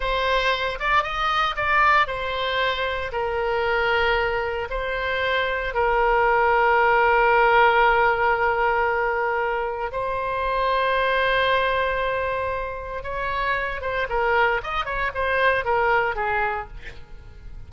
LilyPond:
\new Staff \with { instrumentName = "oboe" } { \time 4/4 \tempo 4 = 115 c''4. d''8 dis''4 d''4 | c''2 ais'2~ | ais'4 c''2 ais'4~ | ais'1~ |
ais'2. c''4~ | c''1~ | c''4 cis''4. c''8 ais'4 | dis''8 cis''8 c''4 ais'4 gis'4 | }